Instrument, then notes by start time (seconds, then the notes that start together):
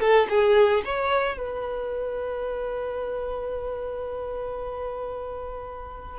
violin
0.00 A4
0.29 G#4
0.85 C#5
1.37 B4